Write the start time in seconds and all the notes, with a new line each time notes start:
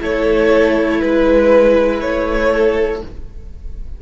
0.00 A3 E4 A4 C#5
1.01 G#3 B4
2.01 A3 C#5
2.52 A4